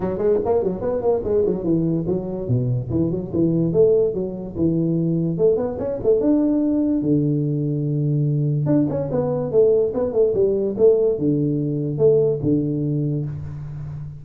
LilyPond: \new Staff \with { instrumentName = "tuba" } { \time 4/4 \tempo 4 = 145 fis8 gis8 ais8 fis8 b8 ais8 gis8 fis8 | e4 fis4 b,4 e8 fis8 | e4 a4 fis4 e4~ | e4 a8 b8 cis'8 a8 d'4~ |
d'4 d2.~ | d4 d'8 cis'8 b4 a4 | b8 a8 g4 a4 d4~ | d4 a4 d2 | }